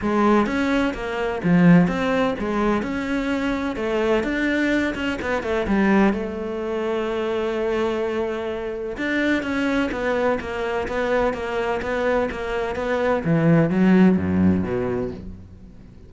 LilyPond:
\new Staff \with { instrumentName = "cello" } { \time 4/4 \tempo 4 = 127 gis4 cis'4 ais4 f4 | c'4 gis4 cis'2 | a4 d'4. cis'8 b8 a8 | g4 a2.~ |
a2. d'4 | cis'4 b4 ais4 b4 | ais4 b4 ais4 b4 | e4 fis4 fis,4 b,4 | }